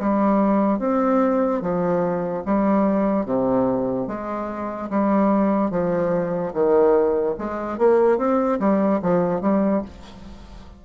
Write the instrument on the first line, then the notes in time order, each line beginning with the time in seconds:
bassoon
0.00 G3
0.80 C4
1.62 F3
2.46 G3
3.26 C3
4.08 G#3
4.91 G3
5.71 F3
6.54 D#3
7.39 G#3
7.79 A#3
8.19 C4
8.60 G3
9.02 F3
9.41 G3